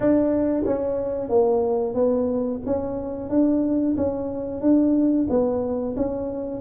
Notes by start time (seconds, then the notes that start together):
0.00 D4
0.65 C#4
1.29 A#3
1.94 B3
2.66 C#4
3.29 D4
3.97 C#4
4.61 D4
5.29 B3
5.96 C#4